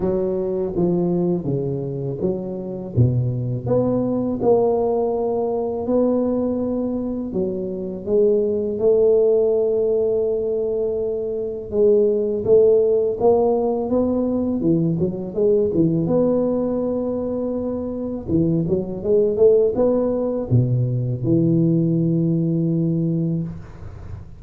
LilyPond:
\new Staff \with { instrumentName = "tuba" } { \time 4/4 \tempo 4 = 82 fis4 f4 cis4 fis4 | b,4 b4 ais2 | b2 fis4 gis4 | a1 |
gis4 a4 ais4 b4 | e8 fis8 gis8 e8 b2~ | b4 e8 fis8 gis8 a8 b4 | b,4 e2. | }